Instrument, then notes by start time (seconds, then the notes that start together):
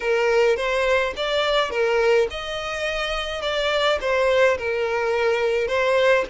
violin
0.00 A#4
0.56 C5
1.16 D5
1.70 A#4
2.30 D#5
3.41 D5
4.00 C5
4.58 A#4
5.67 C5